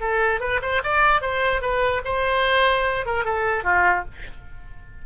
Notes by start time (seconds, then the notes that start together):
0.00 A4
0.40 B4
0.62 C5
0.83 D5
1.21 C5
1.61 B4
2.05 C5
3.06 A#4
3.24 A4
3.64 F4